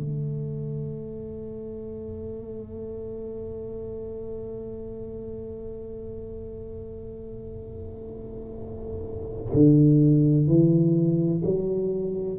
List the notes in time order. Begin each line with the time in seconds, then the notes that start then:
0.00 A3
9.54 D3
10.48 E3
11.45 F#3